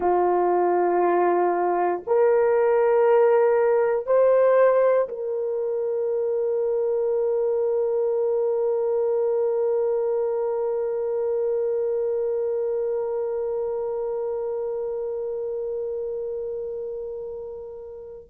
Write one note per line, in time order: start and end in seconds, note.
0.00 2.02 F4
2.07 4.06 A#4
4.06 5.08 C5
5.08 18.29 A#4